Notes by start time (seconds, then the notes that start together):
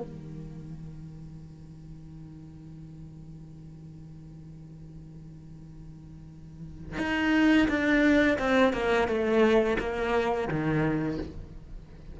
0.00 D#3
6.98 D#4
7.68 D4
8.38 C4
8.73 A#3
9.07 A3
9.79 A#3
10.48 D#3